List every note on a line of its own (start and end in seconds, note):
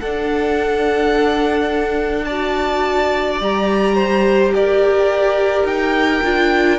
0.00 3.41 D4
0.00 2.30 D4
0.00 2.26 A4
0.00 2.25 F#5
2.25 3.41 F#4
2.25 3.95 D5
2.25 3.38 A5
3.41 4.54 G3
3.41 6.24 G4
3.41 4.54 A#5
3.95 4.52 C5
4.54 5.64 G4
4.54 6.79 A#4
4.54 5.67 D5
5.64 6.21 D#4
5.64 6.79 G5
6.24 6.79 D4
6.24 6.79 F4